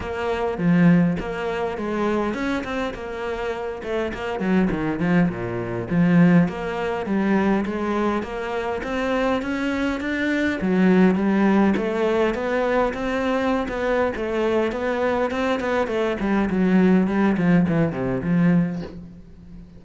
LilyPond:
\new Staff \with { instrumentName = "cello" } { \time 4/4 \tempo 4 = 102 ais4 f4 ais4 gis4 | cis'8 c'8 ais4. a8 ais8 fis8 | dis8 f8 ais,4 f4 ais4 | g4 gis4 ais4 c'4 |
cis'4 d'4 fis4 g4 | a4 b4 c'4~ c'16 b8. | a4 b4 c'8 b8 a8 g8 | fis4 g8 f8 e8 c8 f4 | }